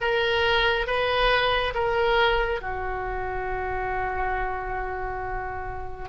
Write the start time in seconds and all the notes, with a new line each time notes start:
0.00 A#4
0.87 B4
1.74 A#4
2.61 F#4